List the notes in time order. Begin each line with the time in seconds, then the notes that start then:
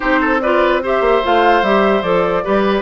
0.00 C4 D#4 G4 C5
0.21 A4
0.40 F4 B4 D5
0.83 G4 C5 E5
1.01 A#3
1.23 A3 F4 F5
1.62 G3 G4 E5
2.02 F3 A4 D5
2.43 G3 G4 B4